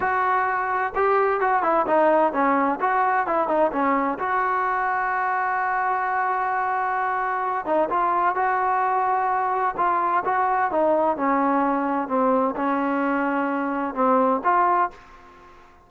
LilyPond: \new Staff \with { instrumentName = "trombone" } { \time 4/4 \tempo 4 = 129 fis'2 g'4 fis'8 e'8 | dis'4 cis'4 fis'4 e'8 dis'8 | cis'4 fis'2.~ | fis'1~ |
fis'8 dis'8 f'4 fis'2~ | fis'4 f'4 fis'4 dis'4 | cis'2 c'4 cis'4~ | cis'2 c'4 f'4 | }